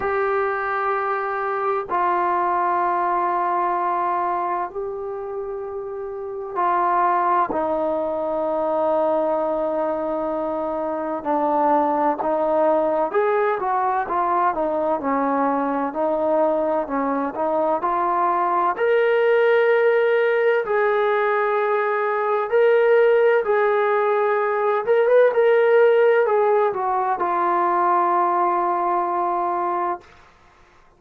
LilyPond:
\new Staff \with { instrumentName = "trombone" } { \time 4/4 \tempo 4 = 64 g'2 f'2~ | f'4 g'2 f'4 | dis'1 | d'4 dis'4 gis'8 fis'8 f'8 dis'8 |
cis'4 dis'4 cis'8 dis'8 f'4 | ais'2 gis'2 | ais'4 gis'4. ais'16 b'16 ais'4 | gis'8 fis'8 f'2. | }